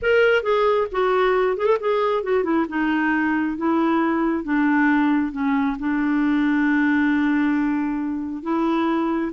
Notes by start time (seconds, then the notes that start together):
0.02 A#4
0.42 G#4
0.91 F#4
1.57 G#4
1.66 A4
1.79 G#4
2.23 F#4
2.43 E4
2.68 D#4
3.57 E4
4.44 D4
5.32 C#4
5.79 D4
8.43 E4